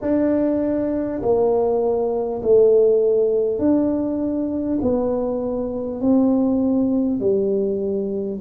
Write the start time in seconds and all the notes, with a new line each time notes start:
0.01 D4
1.22 A#3
2.42 A3
3.58 D4
4.81 B3
6.01 C4
7.20 G3